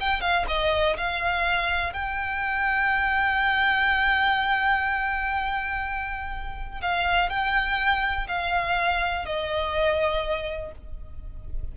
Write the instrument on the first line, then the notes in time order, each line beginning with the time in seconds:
violin
0.00 G5
0.21 F5
0.47 D#5
0.97 F5
1.93 G5
6.81 F5
7.29 G5
8.27 F5
9.25 D#5